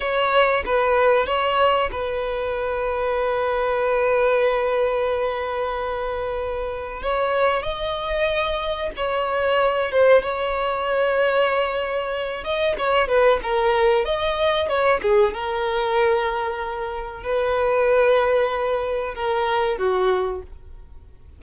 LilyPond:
\new Staff \with { instrumentName = "violin" } { \time 4/4 \tempo 4 = 94 cis''4 b'4 cis''4 b'4~ | b'1~ | b'2. cis''4 | dis''2 cis''4. c''8 |
cis''2.~ cis''8 dis''8 | cis''8 b'8 ais'4 dis''4 cis''8 gis'8 | ais'2. b'4~ | b'2 ais'4 fis'4 | }